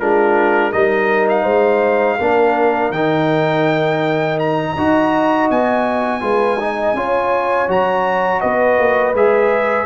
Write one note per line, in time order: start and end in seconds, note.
0.00 0.73 G#3
0.00 0.73 D4
0.00 0.71 F4
0.00 0.72 A#4
0.71 1.44 G3
0.71 2.19 D#4
0.71 1.42 A#4
0.71 1.27 D#5
1.29 2.92 F5
1.42 2.18 G#3
1.42 2.16 C5
2.18 2.90 A#3
2.18 2.93 D4
2.18 4.74 A#4
2.90 4.73 D#3
2.90 4.77 D#4
2.90 4.38 G5
4.39 5.49 A#5
4.75 5.50 D#4
4.75 6.21 F#4
4.75 6.21 D#5
5.50 6.22 B3
5.50 7.70 G#5
6.21 6.94 G#3
6.21 6.57 F4
6.21 6.59 B4
6.59 6.96 D#4
6.59 6.96 D#5
6.94 7.67 C#4
6.94 7.68 F4
6.94 8.41 C#5
7.68 8.41 F#3
7.68 9.14 F#4
7.68 8.41 A#5
8.41 8.79 B3
8.41 9.86 B4
8.41 9.14 D#5
8.79 9.13 A#3
9.13 9.86 G#3
9.13 9.86 G#4
9.13 9.86 E5